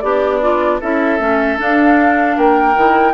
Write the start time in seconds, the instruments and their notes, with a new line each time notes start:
0.00 bassoon B3, oboe D4, clarinet G4, flute D5
0.41 clarinet F4
0.81 bassoon C#4, clarinet E4, oboe A4, flute E5
1.19 bassoon A3, clarinet C#4
1.57 clarinet D4, bassoon D4, flute F5
2.37 bassoon A#3, oboe A#4, flute G5
2.76 bassoon D#3, clarinet E4